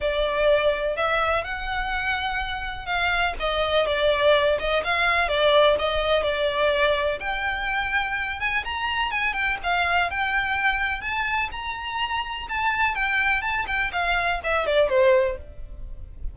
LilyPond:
\new Staff \with { instrumentName = "violin" } { \time 4/4 \tempo 4 = 125 d''2 e''4 fis''4~ | fis''2 f''4 dis''4 | d''4. dis''8 f''4 d''4 | dis''4 d''2 g''4~ |
g''4. gis''8 ais''4 gis''8 g''8 | f''4 g''2 a''4 | ais''2 a''4 g''4 | a''8 g''8 f''4 e''8 d''8 c''4 | }